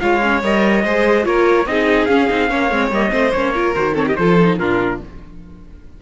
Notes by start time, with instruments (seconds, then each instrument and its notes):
0.00 cello G#3, viola F4, violin C#5, trumpet F5
0.22 viola C#4
0.43 cello G3, viola A#4, trumpet D#5
0.84 cello G#3, viola G#4, violin C5
1.24 cello A#3, viola F4, violin A#4, trumpet C#5
1.66 cello C4, viola D#4, violin G#4, trumpet D#5
2.06 cello C#4, viola C#4, trumpet F5
2.29 cello C4, viola D#4
2.49 cello A#3, viola C#4, violin C#5
2.71 cello G#3, viola C4
2.91 cello G3, viola A#3, trumpet D#5
3.10 cello A3, viola C4, violin C5
3.32 cello A#3, viola C#4, trumpet C#5
3.55 viola F4, violin A#4
3.75 cello D#3, viola F#4, trumpet C5
3.93 viola C4, violin A4, trumpet C#5
4.07 violin G4, trumpet D#5
4.16 cello F3, viola F4, violin A4, trumpet C5
4.40 viola D#4
4.59 cello A#2, viola D4, violin F4, trumpet A#4